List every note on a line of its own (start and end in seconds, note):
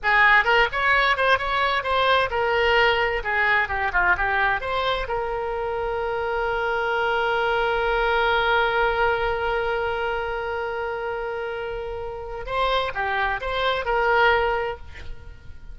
0.02 0.44 G#4
0.44 0.67 A#4
0.72 1.16 C#5
1.16 1.38 C5
1.38 1.83 C#5
1.83 2.29 C5
2.30 3.22 A#4
3.23 3.68 G#4
3.68 3.91 G4
3.93 4.16 F4
4.17 4.60 G4
4.60 5.07 C5
5.08 12.46 A#4
12.46 12.92 C5
12.94 13.40 G4
13.40 13.85 C5
13.85 14.77 A#4